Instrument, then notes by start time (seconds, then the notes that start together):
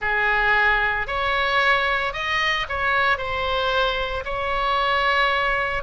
oboe
0.01 G#4
1.07 C#5
2.13 D#5
2.68 C#5
3.17 C5
4.24 C#5